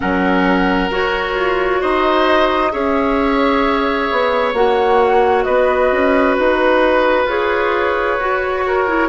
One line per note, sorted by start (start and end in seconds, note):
0.00 0.90 F#3
0.00 0.89 C#4
0.00 1.81 A#4
0.00 0.90 F#5
0.90 1.34 F#4
0.90 2.71 F#4
0.90 1.82 C#5
1.34 1.80 F4
1.81 2.74 D#4
1.81 2.72 C5
1.81 2.71 D#5
2.71 4.10 C#4
2.71 4.53 G#4
2.71 5.45 C#5
2.71 4.53 E5
4.11 4.53 B3
4.53 5.44 A#3
4.53 7.27 F#4
4.53 5.43 F#5
5.43 5.91 B3
5.43 8.63 B4
5.43 6.34 D#5
5.91 6.37 C#4
6.37 7.25 D#4
6.37 7.28 B4
7.25 8.16 F4
7.25 8.19 G#4
7.25 9.08 C#5
8.19 9.08 F#4
8.19 8.87 F#4
8.66 9.08 A#4
8.87 9.08 E4